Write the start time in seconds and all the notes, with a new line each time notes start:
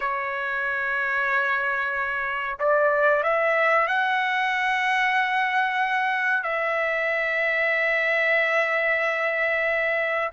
0.00 C#5
2.59 D5
3.23 E5
3.87 F#5
6.43 E5